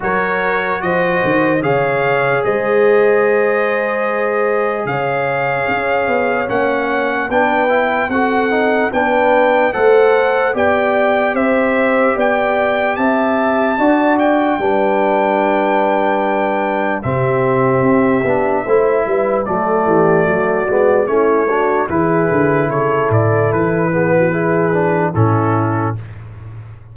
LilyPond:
<<
  \new Staff \with { instrumentName = "trumpet" } { \time 4/4 \tempo 4 = 74 cis''4 dis''4 f''4 dis''4~ | dis''2 f''2 | fis''4 g''4 fis''4 g''4 | fis''4 g''4 e''4 g''4 |
a''4. g''2~ g''8~ | g''4 e''2. | d''2 cis''4 b'4 | cis''8 d''8 b'2 a'4 | }
  \new Staff \with { instrumentName = "horn" } { \time 4/4 ais'4 c''4 cis''4 c''4~ | c''2 cis''2~ | cis''4 b'4 a'4 b'4 | c''4 d''4 c''4 d''4 |
e''4 d''4 b'2~ | b'4 g'2 c''8 b'8 | a'8 g'8 fis'4 e'8 fis'8 gis'4 | a'4. gis'16 fis'16 gis'4 e'4 | }
  \new Staff \with { instrumentName = "trombone" } { \time 4/4 fis'2 gis'2~ | gis'1 | cis'4 d'8 e'8 fis'8 dis'8 d'4 | a'4 g'2.~ |
g'4 fis'4 d'2~ | d'4 c'4. d'8 e'4 | a4. b8 cis'8 d'8 e'4~ | e'4. b8 e'8 d'8 cis'4 | }
  \new Staff \with { instrumentName = "tuba" } { \time 4/4 fis4 f8 dis8 cis4 gis4~ | gis2 cis4 cis'8 b8 | ais4 b4 c'4 b4 | a4 b4 c'4 b4 |
c'4 d'4 g2~ | g4 c4 c'8 b8 a8 g8 | fis8 e8 fis8 gis8 a4 e8 d8 | cis8 a,8 e2 a,4 | }
>>